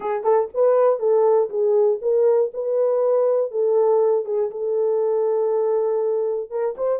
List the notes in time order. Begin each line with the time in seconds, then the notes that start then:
0.00 G#4
0.23 A4
0.54 B4
0.99 A4
1.49 G#4
2.01 A#4
2.53 B4
3.51 A4
4.25 G#4
4.50 A4
6.50 A#4
6.77 C5